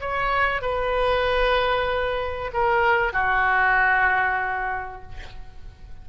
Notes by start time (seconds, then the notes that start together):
0.00 C#5
0.61 B4
2.53 A#4
3.13 F#4